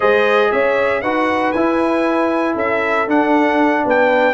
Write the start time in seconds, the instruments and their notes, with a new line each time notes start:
0.00 tuba G#3, trombone G#4, horn C5, trumpet D#5
0.51 tuba C#4, horn C#5, trumpet E5
1.01 tuba D#4, trombone F#4, horn B4, trumpet F#5
1.52 tuba E4, trombone E4, trumpet G#5
2.54 tuba C#4, horn A4, trumpet E5
3.07 tuba D4, trombone D4, trumpet F#5
3.84 tuba B3, horn B4, trumpet G5